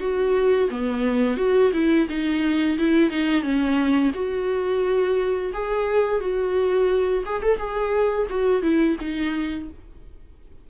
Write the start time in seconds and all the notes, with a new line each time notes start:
0.00 F#4
0.70 B3
1.37 F#4
1.73 E4
2.09 D#4
2.78 E4
3.10 D#4
3.42 C#4
4.14 F#4
5.53 G#4
6.20 F#4
7.25 G#4
7.42 A4
7.58 G#4
8.30 F#4
8.62 E4
9.00 D#4